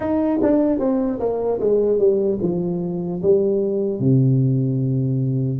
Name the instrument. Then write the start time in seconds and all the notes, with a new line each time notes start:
tuba
0.00 D#4
0.42 D4
0.79 C4
1.19 A#3
1.60 G#3
1.99 G3
2.41 F3
3.22 G3
3.99 C3